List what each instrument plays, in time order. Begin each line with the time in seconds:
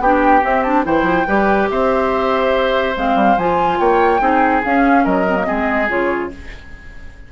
0.00 bassoon B3, clarinet D4, oboe G4, flute G5
0.41 clarinet C4, bassoon C4, flute E5
0.63 clarinet D4, flute A5
0.85 bassoon E3, clarinet E4, oboe C5, flute G5
1.03 bassoon F3
1.27 bassoon G3, clarinet G4, oboe B4
1.70 bassoon C4, oboe C5, flute E5
2.96 bassoon G#3, clarinet C4, flute F5
3.16 bassoon G3
3.37 bassoon F3, clarinet F4, flute G#5
3.79 bassoon A#3, oboe C#5, flute G5
4.20 bassoon C4, clarinet D#4, oboe G#4
4.65 bassoon C#4, clarinet C#4, flute F5
5.04 bassoon F#3, oboe A#4, flute D#5
5.28 clarinet C4
5.36 clarinet A#3
5.45 bassoon G#3, clarinet C4, oboe G#4
5.89 bassoon C#3, clarinet F4, flute C#5